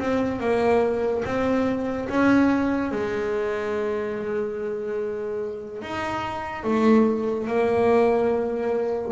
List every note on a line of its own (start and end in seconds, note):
0.00 0.40 C4
0.40 1.23 A#3
1.25 2.09 C4
2.09 2.92 C#4
2.92 5.82 G#3
5.82 6.64 D#4
6.64 7.47 A3
7.47 9.12 A#3